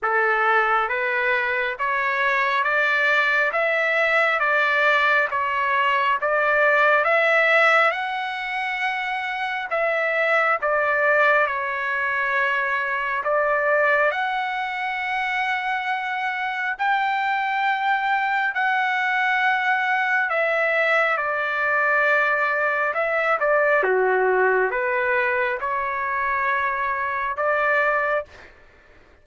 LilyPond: \new Staff \with { instrumentName = "trumpet" } { \time 4/4 \tempo 4 = 68 a'4 b'4 cis''4 d''4 | e''4 d''4 cis''4 d''4 | e''4 fis''2 e''4 | d''4 cis''2 d''4 |
fis''2. g''4~ | g''4 fis''2 e''4 | d''2 e''8 d''8 fis'4 | b'4 cis''2 d''4 | }